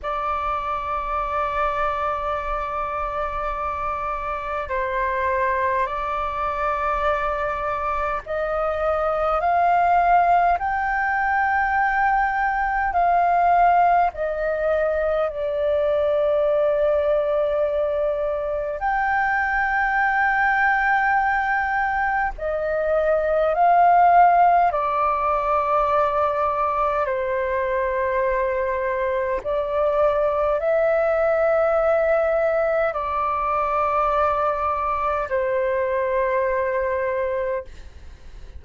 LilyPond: \new Staff \with { instrumentName = "flute" } { \time 4/4 \tempo 4 = 51 d''1 | c''4 d''2 dis''4 | f''4 g''2 f''4 | dis''4 d''2. |
g''2. dis''4 | f''4 d''2 c''4~ | c''4 d''4 e''2 | d''2 c''2 | }